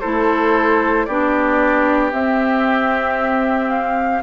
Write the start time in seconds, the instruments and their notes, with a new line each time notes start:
0.00 bassoon A3, clarinet E4, oboe A4, flute C5
1.05 bassoon B3, clarinet D4, oboe G4, flute D5
2.11 clarinet C4, bassoon C4, flute E5
3.69 flute F5